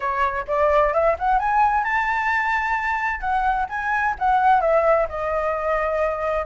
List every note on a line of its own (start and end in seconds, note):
0.00 0.45 C#5
0.47 0.93 D5
0.93 1.16 E5
1.19 1.39 F#5
1.39 1.83 G#5
1.83 3.20 A5
3.20 3.66 F#5
3.69 4.15 G#5
4.18 4.60 F#5
4.60 5.07 E5
5.09 6.45 D#5